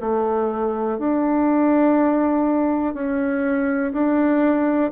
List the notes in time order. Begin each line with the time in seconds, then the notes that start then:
0.00 A3
0.98 D4
2.93 C#4
3.92 D4